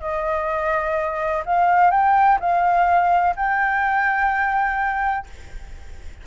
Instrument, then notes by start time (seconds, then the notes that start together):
flute
0.00 D#5
1.45 F5
1.90 G5
2.40 F5
3.36 G5